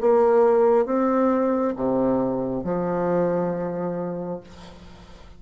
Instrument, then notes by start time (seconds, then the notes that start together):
bassoon
0.00 A#3
0.85 C4
1.76 C3
2.64 F3